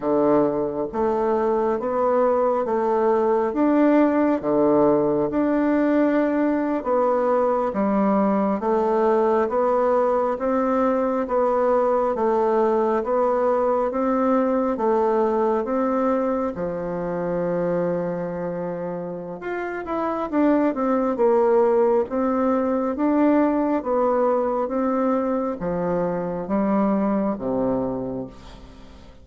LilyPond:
\new Staff \with { instrumentName = "bassoon" } { \time 4/4 \tempo 4 = 68 d4 a4 b4 a4 | d'4 d4 d'4.~ d'16 b16~ | b8. g4 a4 b4 c'16~ | c'8. b4 a4 b4 c'16~ |
c'8. a4 c'4 f4~ f16~ | f2 f'8 e'8 d'8 c'8 | ais4 c'4 d'4 b4 | c'4 f4 g4 c4 | }